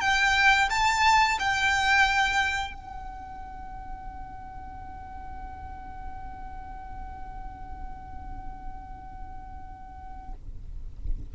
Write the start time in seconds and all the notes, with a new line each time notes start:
0.00 G5
0.69 A5
1.39 G5
2.74 F#5